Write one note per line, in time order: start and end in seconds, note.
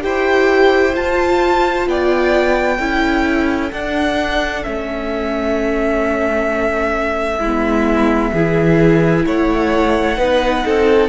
0.00 0.94 E4
0.00 0.92 G4
0.00 1.89 C5
0.00 0.94 G5
0.94 2.78 F4
0.94 1.86 F4
0.94 1.88 A5
1.86 2.79 B3
1.86 2.77 D5
1.86 3.71 G5
2.77 3.71 C#4
2.77 3.71 E4
2.77 7.38 A4
3.71 4.64 D4
3.71 4.63 D4
3.71 4.63 F#5
4.63 7.39 A3
4.63 7.40 C#4
4.63 9.25 E5
7.38 8.31 G#3
7.38 8.31 E4
7.45 8.36 B3
8.32 9.24 E3
8.32 10.17 E4
8.32 9.24 G#4
9.25 10.17 A3
9.25 10.17 C#5
9.25 11.09 F#5
10.17 10.63 B3
10.17 11.09 D#4
10.17 10.64 B4
10.65 11.09 C4
10.65 11.09 A4